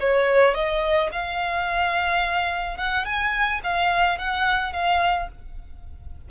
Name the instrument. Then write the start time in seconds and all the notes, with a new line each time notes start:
violin
0.00 C#5
0.54 D#5
1.12 F5
2.77 F#5
3.05 G#5
3.63 F5
4.18 F#5
4.73 F5